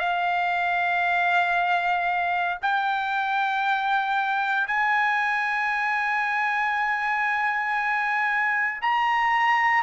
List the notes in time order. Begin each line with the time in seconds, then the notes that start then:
0.00 F5
2.62 G5
4.68 G#5
8.82 A#5